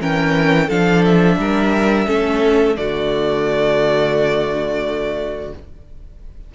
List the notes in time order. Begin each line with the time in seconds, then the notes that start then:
0.00 E3 C#4 A#4 G5
0.67 F3 D4 A4 F5
1.05 E5
1.37 G3 A#4
2.06 A3 C#4 A4
2.76 D3 A3 F#4 D5